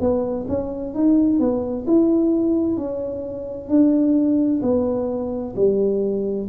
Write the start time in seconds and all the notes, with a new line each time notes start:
0.00 B3
0.48 C#4
0.94 D#4
1.39 B3
1.87 E4
2.77 C#4
3.68 D4
4.62 B3
5.56 G3